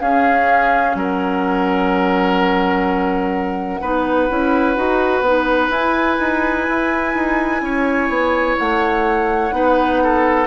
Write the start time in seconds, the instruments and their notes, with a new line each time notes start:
0.00 bassoon C#4, clarinet C#4, oboe G#4, flute F5
0.95 bassoon F#3, oboe A#4, flute F#5
3.81 bassoon B3, clarinet D#4, oboe B4
4.29 bassoon C#4, clarinet E4
4.76 bassoon D#4, clarinet F#4
5.21 bassoon B3, clarinet D#4
5.69 bassoon E4, clarinet E4, flute G#5
6.19 bassoon D#4
6.69 bassoon E4
7.14 bassoon D#4
7.62 bassoon C#4, oboe C#5
8.09 bassoon B3
8.58 bassoon A3, flute F#5
9.52 bassoon B3, clarinet D#4, oboe B4
10.03 oboe A4